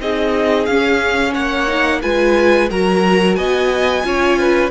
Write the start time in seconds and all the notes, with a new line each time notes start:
0.00 C4 D#4 G#4 D#5
0.66 C#4 F5
1.32 A#3 C#5 F#5
1.68 D#4
2.02 G#3 F4 B4 G#5
2.70 F#3 F#4 A#4 A#5
3.35 B3 D#5 G#5
4.03 C#4 F4 C#5
4.39 B4